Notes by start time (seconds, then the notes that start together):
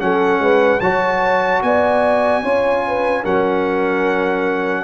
0.00 F#3 C#4 A4 F#5
0.40 G#3 B4
0.81 F#3 F#4 C#5 A5
1.63 B3 D5 G#5
2.44 C#4 F4 C#5
2.87 B4
3.23 F#3 C#4 A#4 F#5